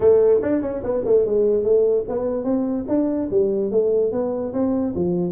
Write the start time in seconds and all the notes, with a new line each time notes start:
0.00 A3
0.42 D4
0.61 C#4
0.83 B3
1.05 A3
1.25 G#3
1.63 A3
2.08 B3
2.44 C4
2.88 D4
3.30 G3
3.71 A3
4.12 B3
4.53 C4
4.95 F3